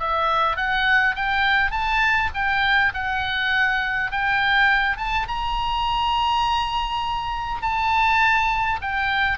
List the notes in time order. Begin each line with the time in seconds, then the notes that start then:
0.00 E5
0.57 F#5
1.16 G5
1.71 A5
2.35 G5
2.94 F#5
4.12 G5
4.98 A5
5.28 A#5
7.62 A5
8.82 G5